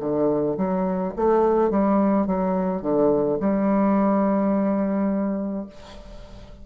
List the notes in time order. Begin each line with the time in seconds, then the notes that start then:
0.00 D3
0.57 F#3
1.16 A3
1.70 G3
2.26 F#3
2.82 D3
3.40 G3